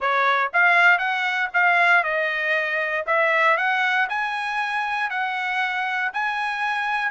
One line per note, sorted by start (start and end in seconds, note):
0.00 0.51 C#5
0.53 0.98 F5
0.98 1.49 F#5
1.53 2.03 F5
2.03 3.05 D#5
3.06 3.57 E5
3.57 4.08 F#5
4.09 5.10 G#5
5.10 6.11 F#5
6.13 7.11 G#5